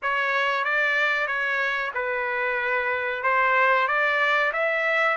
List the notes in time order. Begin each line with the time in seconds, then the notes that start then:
0.02 C#5
0.64 D5
1.27 C#5
1.94 B4
3.23 C5
3.87 D5
4.52 E5